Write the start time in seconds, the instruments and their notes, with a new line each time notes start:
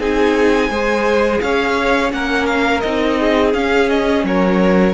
0.00 cello C4, viola D#4, violin G#4 G#5
0.70 cello G#3, viola G#4, violin C5
1.41 cello C#4, violin C#5 F5
2.10 cello A#3, viola C#4, violin A#4 F#5
2.47 violin F5
2.81 cello C4, viola D#4, violin D#5
3.20 violin G#4
3.54 cello C#4, viola C#4, violin F5
3.89 violin D#5
4.24 cello F#3, violin A#4 C#5